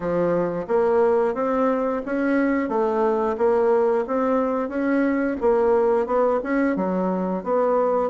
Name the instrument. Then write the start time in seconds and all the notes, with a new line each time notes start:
bassoon
0.00 F3
0.67 A#3
1.34 C4
2.05 C#4
2.68 A3
3.37 A#3
4.07 C4
4.69 C#4
5.41 A#3
6.06 B3
6.43 C#4
6.76 F#3
7.43 B3